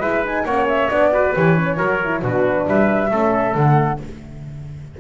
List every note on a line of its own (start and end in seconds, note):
0.00 0.44 G#3
0.00 0.24 E4
0.00 0.45 B4
0.00 0.24 E5
0.24 0.46 D#4
0.24 0.45 G#5
0.45 0.89 A#3
0.45 0.90 C#4
0.45 1.12 C#5
0.45 0.67 F#5
0.68 0.90 E5
0.90 1.35 B3
0.90 1.12 D4
0.90 1.34 D5
1.12 1.34 F#4
1.12 1.77 B4
1.34 1.80 E3
1.34 1.56 G4
1.34 2.23 C#5
1.56 1.76 C#4
1.76 2.22 F#3
1.76 1.99 F#4
1.76 2.21 A#4
2.04 2.22 E4
2.22 2.66 B2
2.22 3.10 D4
2.22 2.67 F#4
2.22 2.68 B4
2.67 3.10 G3
2.67 3.11 B4
2.67 3.56 E5
3.10 3.55 A3
3.10 3.56 C#4
3.10 4.00 A4
3.55 3.99 D3
3.55 4.00 A3
3.55 4.00 F#5